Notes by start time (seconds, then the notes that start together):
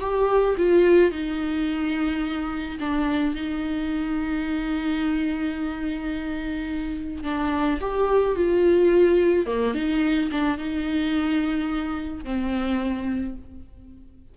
0.00 G4
0.57 F4
1.11 D#4
2.80 D4
3.35 D#4
7.23 D4
7.81 G4
8.35 F4
9.46 A#3
9.74 D#4
10.31 D4
10.58 D#4
12.24 C4